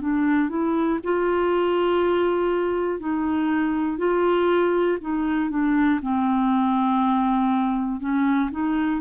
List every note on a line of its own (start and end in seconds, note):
0.00 0.49 D4
0.49 0.99 E4
1.03 2.99 F4
2.99 3.98 D#4
3.98 4.98 F4
5.00 5.50 D#4
5.50 6.00 D4
6.02 8.00 C4
8.00 8.50 C#4
8.51 9.00 D#4